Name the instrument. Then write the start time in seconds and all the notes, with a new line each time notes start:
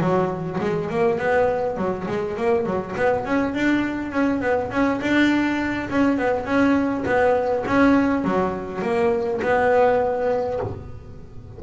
double bass
0.00 F#3
0.61 G#3
0.90 A#3
1.19 B3
1.77 F#3
2.07 G#3
2.37 A#3
2.66 F#3
2.96 B3
3.25 C#4
3.54 D4
4.11 C#4
4.41 B3
4.71 C#4
5.01 D4
5.90 C#4
6.18 B3
6.45 C#4
7.05 B3
7.67 C#4
8.24 F#3
8.82 A#3
9.42 B3